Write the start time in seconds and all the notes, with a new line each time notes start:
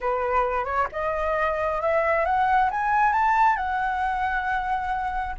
0.00 B4
0.64 C#5
0.92 D#5
1.81 E5
2.25 F#5
2.70 G#5
3.12 A5
3.56 F#5